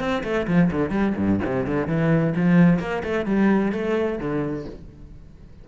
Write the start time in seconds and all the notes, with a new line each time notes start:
0.00 C4
0.24 A3
0.47 F3
0.71 D3
0.90 G3
1.17 G2
1.45 C3
1.67 D3
1.88 E3
2.36 F3
2.80 A#3
3.04 A3
3.26 G3
3.73 A3
4.19 D3